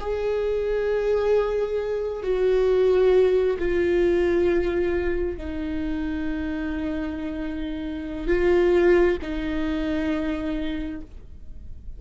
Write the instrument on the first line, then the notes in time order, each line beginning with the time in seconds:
viola
0.00 G#4
2.23 F#4
3.59 F4
5.38 D#4
8.28 F4
9.22 D#4